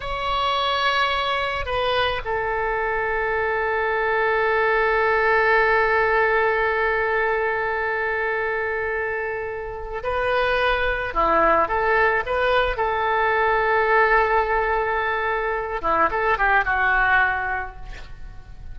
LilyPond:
\new Staff \with { instrumentName = "oboe" } { \time 4/4 \tempo 4 = 108 cis''2. b'4 | a'1~ | a'1~ | a'1~ |
a'2 b'2 | e'4 a'4 b'4 a'4~ | a'1~ | a'8 e'8 a'8 g'8 fis'2 | }